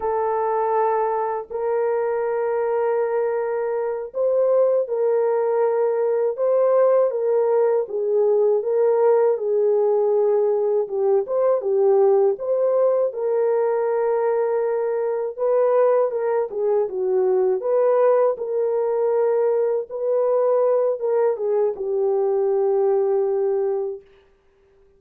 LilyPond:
\new Staff \with { instrumentName = "horn" } { \time 4/4 \tempo 4 = 80 a'2 ais'2~ | ais'4. c''4 ais'4.~ | ais'8 c''4 ais'4 gis'4 ais'8~ | ais'8 gis'2 g'8 c''8 g'8~ |
g'8 c''4 ais'2~ ais'8~ | ais'8 b'4 ais'8 gis'8 fis'4 b'8~ | b'8 ais'2 b'4. | ais'8 gis'8 g'2. | }